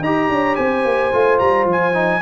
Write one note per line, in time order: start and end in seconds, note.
0.00 0.28 D#4
0.00 1.12 G4
0.00 0.29 D#5
0.00 0.56 A#5
0.29 0.56 D4
0.29 0.57 C#5
0.56 0.85 C4
0.56 2.22 C5
0.56 1.38 G#5
0.85 1.12 A#3
1.12 1.40 A3
1.12 1.94 F4
1.39 1.65 G3
1.39 1.66 A#5
1.65 2.20 F3
1.71 2.22 G#5
1.94 2.21 D#4